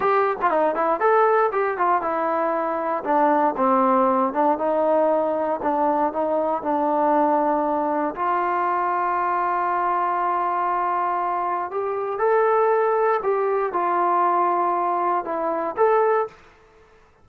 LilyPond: \new Staff \with { instrumentName = "trombone" } { \time 4/4 \tempo 4 = 118 g'8. f'16 dis'8 e'8 a'4 g'8 f'8 | e'2 d'4 c'4~ | c'8 d'8 dis'2 d'4 | dis'4 d'2. |
f'1~ | f'2. g'4 | a'2 g'4 f'4~ | f'2 e'4 a'4 | }